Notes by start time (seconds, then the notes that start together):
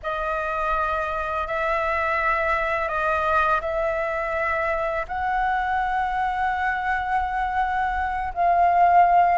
0.02 D#5
1.47 E5
2.88 D#5
3.61 E5
5.08 F#5
8.33 F5